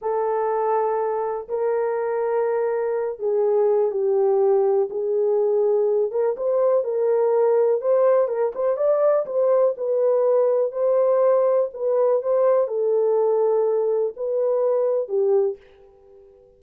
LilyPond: \new Staff \with { instrumentName = "horn" } { \time 4/4 \tempo 4 = 123 a'2. ais'4~ | ais'2~ ais'8 gis'4. | g'2 gis'2~ | gis'8 ais'8 c''4 ais'2 |
c''4 ais'8 c''8 d''4 c''4 | b'2 c''2 | b'4 c''4 a'2~ | a'4 b'2 g'4 | }